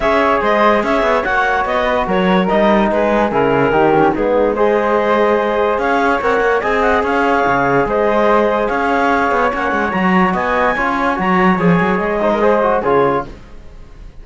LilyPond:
<<
  \new Staff \with { instrumentName = "clarinet" } { \time 4/4 \tempo 4 = 145 e''4 dis''4 e''4 fis''4 | dis''4 cis''4 dis''4 b'4 | ais'2 gis'4 dis''4~ | dis''2 f''4 fis''4 |
gis''8 fis''8 f''2 dis''4~ | dis''4 f''2 fis''4 | ais''4 gis''2 ais''4 | gis''4 dis''2 cis''4 | }
  \new Staff \with { instrumentName = "flute" } { \time 4/4 cis''4 c''4 cis''2~ | cis''8 b'8 ais'2 gis'4~ | gis'4 g'4 dis'4 c''4~ | c''2 cis''2 |
dis''4 cis''2 c''4~ | c''4 cis''2.~ | cis''4 dis''4 cis''2~ | cis''4. c''16 ais'16 c''4 gis'4 | }
  \new Staff \with { instrumentName = "trombone" } { \time 4/4 gis'2. fis'4~ | fis'2 dis'2 | e'4 dis'8 cis'8 b4 gis'4~ | gis'2. ais'4 |
gis'1~ | gis'2. cis'4 | fis'2 f'4 fis'4 | gis'4. dis'8 gis'8 fis'8 f'4 | }
  \new Staff \with { instrumentName = "cello" } { \time 4/4 cis'4 gis4 cis'8 b8 ais4 | b4 fis4 g4 gis4 | cis4 dis4 gis2~ | gis2 cis'4 c'8 ais8 |
c'4 cis'4 cis4 gis4~ | gis4 cis'4. b8 ais8 gis8 | fis4 b4 cis'4 fis4 | f8 fis8 gis2 cis4 | }
>>